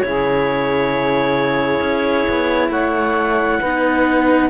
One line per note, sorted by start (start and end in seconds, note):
0.00 1.80 C#3
0.00 3.62 E4
0.00 2.70 G#4
0.00 2.69 C#5
1.80 2.25 C#4
2.29 2.69 B3
2.69 3.59 A3
2.69 3.59 C#5
2.69 4.49 F#5
3.59 4.49 B3
3.59 4.49 D#4
3.59 4.49 B4